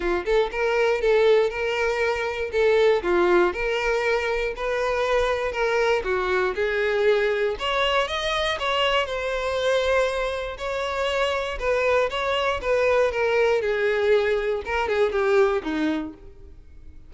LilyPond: \new Staff \with { instrumentName = "violin" } { \time 4/4 \tempo 4 = 119 f'8 a'8 ais'4 a'4 ais'4~ | ais'4 a'4 f'4 ais'4~ | ais'4 b'2 ais'4 | fis'4 gis'2 cis''4 |
dis''4 cis''4 c''2~ | c''4 cis''2 b'4 | cis''4 b'4 ais'4 gis'4~ | gis'4 ais'8 gis'8 g'4 dis'4 | }